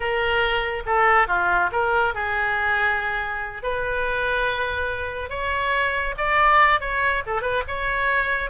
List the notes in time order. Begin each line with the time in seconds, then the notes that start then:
0.00 A#4
0.86 A4
1.27 F4
1.72 A#4
2.14 G#4
3.62 B4
5.29 C#5
6.17 D5
6.80 C#5
7.26 A4
7.41 B4
7.67 C#5